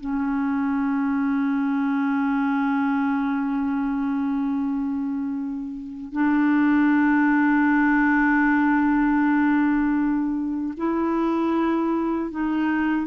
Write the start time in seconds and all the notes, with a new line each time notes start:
0.00 C#4
6.12 D4
10.77 E4
12.31 D#4